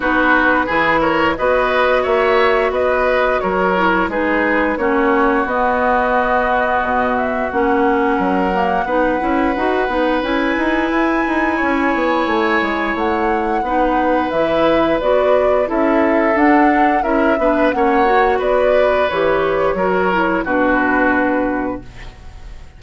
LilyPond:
<<
  \new Staff \with { instrumentName = "flute" } { \time 4/4 \tempo 4 = 88 b'4. cis''8 dis''4 e''4 | dis''4 cis''4 b'4 cis''4 | dis''2~ dis''8 e''8 fis''4~ | fis''2. gis''4~ |
gis''2. fis''4~ | fis''4 e''4 d''4 e''4 | fis''4 e''4 fis''4 d''4 | cis''2 b'2 | }
  \new Staff \with { instrumentName = "oboe" } { \time 4/4 fis'4 gis'8 ais'8 b'4 cis''4 | b'4 ais'4 gis'4 fis'4~ | fis'1 | ais'4 b'2.~ |
b'4 cis''2. | b'2. a'4~ | a'4 ais'8 b'8 cis''4 b'4~ | b'4 ais'4 fis'2 | }
  \new Staff \with { instrumentName = "clarinet" } { \time 4/4 dis'4 e'4 fis'2~ | fis'4. e'8 dis'4 cis'4 | b2. cis'4~ | cis'8 ais8 dis'8 e'8 fis'8 dis'8 e'4~ |
e'1 | dis'4 e'4 fis'4 e'4 | d'4 e'8 d'8 cis'8 fis'4. | g'4 fis'8 e'8 d'2 | }
  \new Staff \with { instrumentName = "bassoon" } { \time 4/4 b4 e4 b4 ais4 | b4 fis4 gis4 ais4 | b2 b,4 ais4 | fis4 b8 cis'8 dis'8 b8 cis'8 dis'8 |
e'8 dis'8 cis'8 b8 a8 gis8 a4 | b4 e4 b4 cis'4 | d'4 cis'8 b8 ais4 b4 | e4 fis4 b,2 | }
>>